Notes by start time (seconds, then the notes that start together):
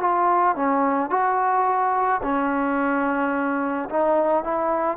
0.00 F4
0.56 C#4
1.10 F#4
2.22 C#4
3.89 D#4
4.44 E4